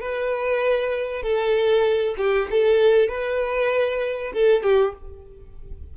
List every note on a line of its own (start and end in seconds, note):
0.00 1.23 B4
1.23 2.15 A4
2.18 2.49 G4
2.51 3.09 A4
3.09 4.32 B4
4.34 4.63 A4
4.63 4.94 G4